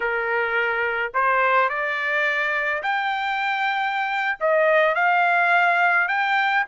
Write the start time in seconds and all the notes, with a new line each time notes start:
0.00 A#4
1.14 C5
1.69 D5
2.82 G5
4.40 D#5
4.95 F5
6.07 G5